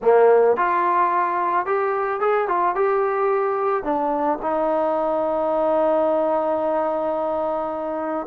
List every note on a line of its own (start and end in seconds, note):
0.02 0.56 A#3
0.56 1.66 F4
1.66 2.20 G4
2.20 2.48 G#4
2.48 2.75 F4
2.75 3.83 G4
3.83 4.38 D4
4.42 8.26 D#4